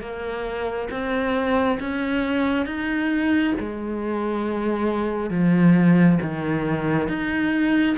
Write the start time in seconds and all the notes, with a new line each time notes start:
0.00 A#3
0.90 C4
1.79 C#4
2.65 D#4
3.59 G#3
5.30 F3
6.22 D#3
7.08 D#4